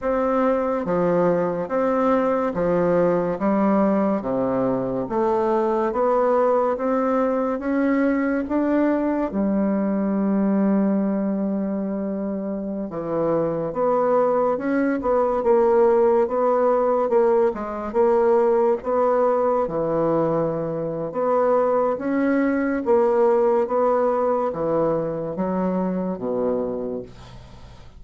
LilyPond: \new Staff \with { instrumentName = "bassoon" } { \time 4/4 \tempo 4 = 71 c'4 f4 c'4 f4 | g4 c4 a4 b4 | c'4 cis'4 d'4 g4~ | g2.~ g16 e8.~ |
e16 b4 cis'8 b8 ais4 b8.~ | b16 ais8 gis8 ais4 b4 e8.~ | e4 b4 cis'4 ais4 | b4 e4 fis4 b,4 | }